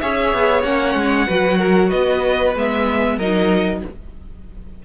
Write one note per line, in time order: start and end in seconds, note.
0.00 0.33 C#4
0.00 0.63 G#4
0.00 1.26 C#5
0.00 0.62 E5
0.33 0.63 B3
0.62 0.94 A#3
0.62 1.27 C#4
0.62 1.89 F#5
0.94 1.26 G#3
1.26 1.92 F#3
1.26 2.54 F#4
1.26 1.58 B4
1.58 1.89 A#4
1.89 2.55 B3
1.89 3.16 B4
1.89 2.53 D#5
2.55 3.17 G#3
2.55 3.20 B3
2.55 3.18 E5
3.16 3.81 F#3
3.16 3.84 D#4
3.16 3.79 A#4
3.16 3.82 D#5